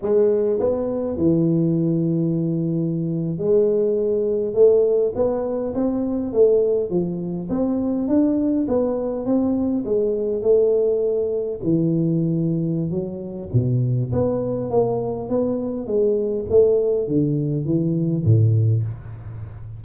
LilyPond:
\new Staff \with { instrumentName = "tuba" } { \time 4/4 \tempo 4 = 102 gis4 b4 e2~ | e4.~ e16 gis2 a16~ | a8. b4 c'4 a4 f16~ | f8. c'4 d'4 b4 c'16~ |
c'8. gis4 a2 e16~ | e2 fis4 b,4 | b4 ais4 b4 gis4 | a4 d4 e4 a,4 | }